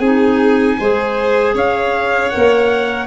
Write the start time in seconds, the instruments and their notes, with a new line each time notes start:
0.00 tuba C4, clarinet D#4, violin G#4, trumpet G#5
0.79 tuba G#3, clarinet G#4, violin C5
1.55 tuba C#4, violin C#5, trumpet F5
2.29 clarinet A#4, trumpet F#5
2.36 tuba A#3